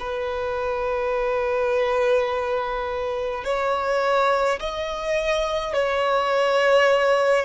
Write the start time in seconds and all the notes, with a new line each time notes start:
0.00 B4
3.44 C#5
4.59 D#5
5.74 C#5